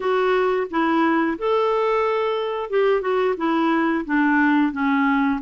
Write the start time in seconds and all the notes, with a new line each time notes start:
0.00 F#4
0.70 E4
1.38 A4
2.70 G4
3.01 F#4
3.37 E4
4.05 D4
4.72 C#4